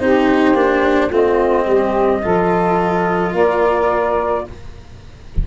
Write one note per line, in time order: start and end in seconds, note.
0.00 0.54 C4
0.00 0.55 D#4
0.00 1.08 G4
0.00 1.11 C5
0.54 1.09 A#3
0.54 1.11 D4
1.08 1.66 A3
1.08 2.22 C4
1.08 1.64 F4
1.15 3.36 D#5
1.66 2.22 G3
1.66 2.21 G4
2.22 3.33 F3
2.22 4.44 F4
2.22 3.33 A4
3.33 4.44 A#3
3.33 4.44 A#4
3.33 4.47 D5